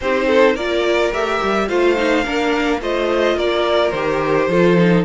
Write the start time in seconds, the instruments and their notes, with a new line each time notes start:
0.00 cello C4, viola D#4, violin G4 C5
0.27 violin A4
0.54 cello A#3, viola F4, violin A#4 D5
1.12 cello A3, viola G4, violin E5
1.42 cello G3
1.68 cello A3, viola F4, violin C5 F5
1.95 viola D#4
2.24 cello A#3, viola D4, violin A#4
2.80 cello A3, viola F4, violin C5 D#5
3.35 cello A#3, violin A#4 D5
3.90 cello D#3, viola G4, violin C5
4.48 cello F3, viola F4, violin A4
4.77 viola D#4